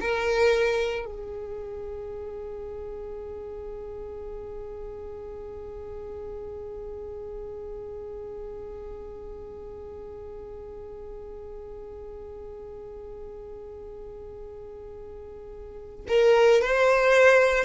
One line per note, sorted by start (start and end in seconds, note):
0.00 1.05 A#4
1.05 16.05 G#4
16.08 16.61 A#4
16.61 17.64 C5